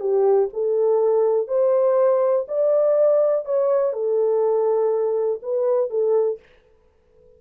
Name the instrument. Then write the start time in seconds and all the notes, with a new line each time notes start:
horn
0.00 G4
0.54 A4
1.48 C5
2.48 D5
3.46 C#5
3.93 A4
5.43 B4
5.90 A4